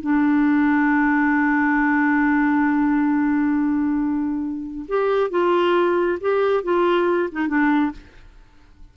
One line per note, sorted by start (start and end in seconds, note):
0.00 4.85 D4
4.88 5.30 G4
5.30 6.18 F4
6.20 6.63 G4
6.63 7.29 F4
7.31 7.47 D#4
7.47 7.91 D4